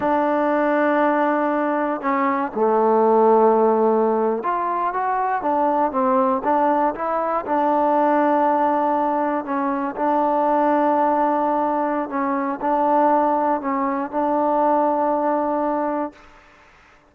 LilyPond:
\new Staff \with { instrumentName = "trombone" } { \time 4/4 \tempo 4 = 119 d'1 | cis'4 a2.~ | a8. f'4 fis'4 d'4 c'16~ | c'8. d'4 e'4 d'4~ d'16~ |
d'2~ d'8. cis'4 d'16~ | d'1 | cis'4 d'2 cis'4 | d'1 | }